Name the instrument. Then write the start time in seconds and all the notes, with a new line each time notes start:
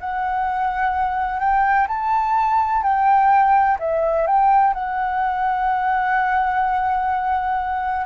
flute
0.00 F#5
1.40 G5
1.87 A5
2.83 G5
3.79 E5
4.27 G5
4.74 F#5